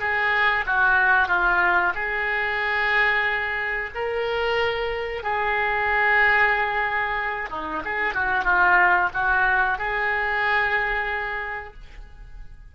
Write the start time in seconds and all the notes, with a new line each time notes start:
0.00 G#4
0.67 F#4
1.28 F4
1.95 G#4
3.95 A#4
5.24 G#4
7.50 D#4
7.85 G#4
8.15 F#4
8.45 F4
9.14 F#4
9.79 G#4